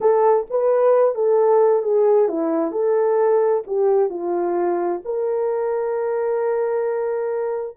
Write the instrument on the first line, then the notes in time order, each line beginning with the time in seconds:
horn
0.00 A4
0.50 B4
1.15 A4
1.82 G#4
2.28 E4
2.71 A4
3.66 G4
4.09 F4
5.04 A#4